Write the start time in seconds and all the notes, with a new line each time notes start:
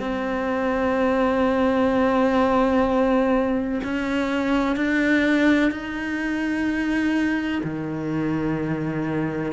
0.00 C4
3.84 C#4
4.76 D4
5.71 D#4
7.64 D#3